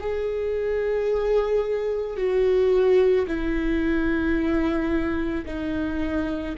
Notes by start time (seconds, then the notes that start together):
0.00 G#4
2.17 F#4
3.27 E4
5.46 D#4